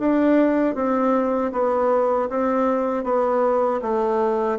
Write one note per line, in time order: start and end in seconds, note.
0.00 0.76 D4
0.76 1.52 C4
1.52 2.29 B3
2.30 3.04 C4
3.04 3.81 B3
3.82 4.59 A3